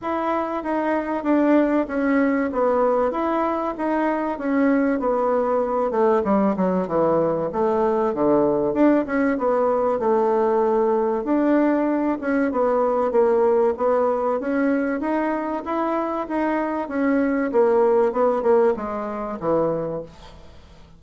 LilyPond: \new Staff \with { instrumentName = "bassoon" } { \time 4/4 \tempo 4 = 96 e'4 dis'4 d'4 cis'4 | b4 e'4 dis'4 cis'4 | b4. a8 g8 fis8 e4 | a4 d4 d'8 cis'8 b4 |
a2 d'4. cis'8 | b4 ais4 b4 cis'4 | dis'4 e'4 dis'4 cis'4 | ais4 b8 ais8 gis4 e4 | }